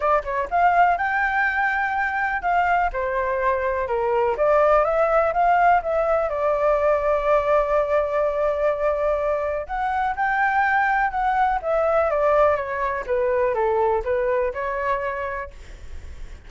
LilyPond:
\new Staff \with { instrumentName = "flute" } { \time 4/4 \tempo 4 = 124 d''8 cis''8 f''4 g''2~ | g''4 f''4 c''2 | ais'4 d''4 e''4 f''4 | e''4 d''2.~ |
d''1 | fis''4 g''2 fis''4 | e''4 d''4 cis''4 b'4 | a'4 b'4 cis''2 | }